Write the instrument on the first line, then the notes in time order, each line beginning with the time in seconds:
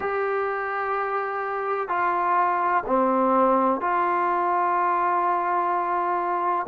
trombone
0.00 G4
1.88 F4
2.86 C4
3.81 F4